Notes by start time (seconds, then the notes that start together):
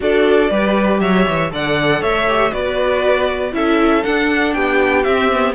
0.00 D4 F#4 A4 D5
0.49 G3 G4 B4
1.00 F#3 C#5 E5
1.28 E3
1.51 D3 A4 D5 F#5
2.01 A3 C#5 E5
2.28 G4
2.51 B3 F#4 B4 D5
3.52 C#4 E4 A4 E5
4.04 D4 F#5
4.53 B3 G4 G5
5.03 C4 E5
5.31 B3